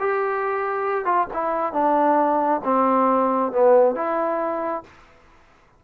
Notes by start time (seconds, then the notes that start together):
0.00 G4
1.05 F4
1.34 E4
1.73 D4
2.64 C4
3.52 B3
3.95 E4